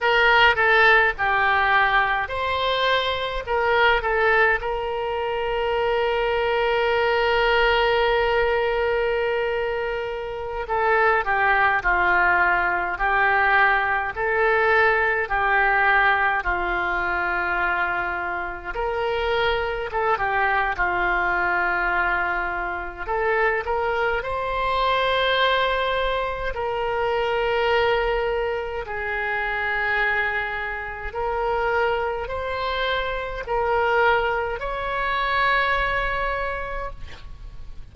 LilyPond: \new Staff \with { instrumentName = "oboe" } { \time 4/4 \tempo 4 = 52 ais'8 a'8 g'4 c''4 ais'8 a'8 | ais'1~ | ais'4~ ais'16 a'8 g'8 f'4 g'8.~ | g'16 a'4 g'4 f'4.~ f'16~ |
f'16 ais'4 a'16 g'8 f'2 | a'8 ais'8 c''2 ais'4~ | ais'4 gis'2 ais'4 | c''4 ais'4 cis''2 | }